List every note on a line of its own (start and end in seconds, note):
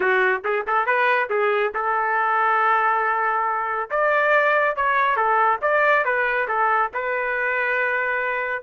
0.00 0.42 F#4
0.44 0.66 G#4
0.67 0.86 A4
0.86 1.29 B4
1.29 1.72 G#4
1.74 3.90 A4
3.90 4.76 D5
4.76 5.16 C#5
5.16 5.59 A4
5.61 6.04 D5
6.04 6.47 B4
6.48 6.91 A4
6.93 8.63 B4